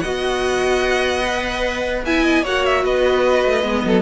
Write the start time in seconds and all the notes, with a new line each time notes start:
0.00 B3 F#4 D#5 F#5
1.24 B4
2.05 E4 E5 G#5
2.24 D#5
2.43 A#3 F#4 C#5 F#5
2.66 E5
2.84 B3 B4 D#5
3.45 A3
3.62 G#3 B3
3.85 F#3 A4